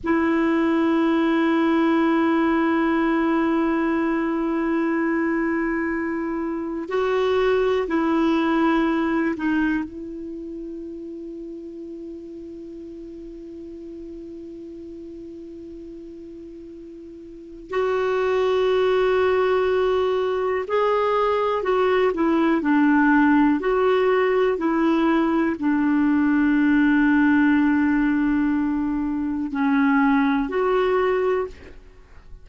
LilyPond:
\new Staff \with { instrumentName = "clarinet" } { \time 4/4 \tempo 4 = 61 e'1~ | e'2. fis'4 | e'4. dis'8 e'2~ | e'1~ |
e'2 fis'2~ | fis'4 gis'4 fis'8 e'8 d'4 | fis'4 e'4 d'2~ | d'2 cis'4 fis'4 | }